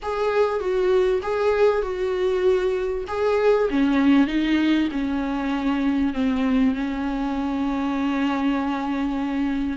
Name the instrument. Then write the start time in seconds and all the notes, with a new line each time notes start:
viola
0.02 G#4
0.60 F#4
1.22 G#4
1.82 F#4
3.07 G#4
3.70 C#4
4.27 D#4
4.91 C#4
6.13 C4
6.74 C#4